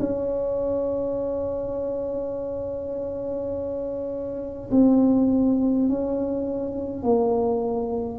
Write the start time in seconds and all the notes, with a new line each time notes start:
0.00 C#4
4.72 C4
5.89 C#4
7.03 A#3